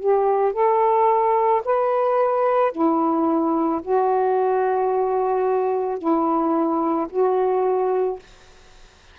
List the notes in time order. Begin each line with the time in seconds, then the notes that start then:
0.00 G4
0.53 A4
1.65 B4
2.72 E4
3.82 F#4
5.99 E4
7.11 F#4